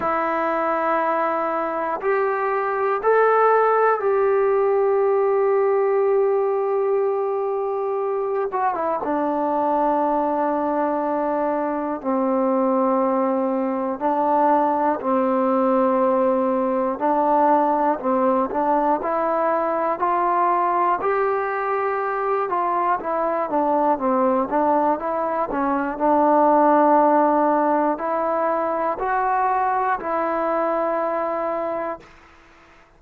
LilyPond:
\new Staff \with { instrumentName = "trombone" } { \time 4/4 \tempo 4 = 60 e'2 g'4 a'4 | g'1~ | g'8 fis'16 e'16 d'2. | c'2 d'4 c'4~ |
c'4 d'4 c'8 d'8 e'4 | f'4 g'4. f'8 e'8 d'8 | c'8 d'8 e'8 cis'8 d'2 | e'4 fis'4 e'2 | }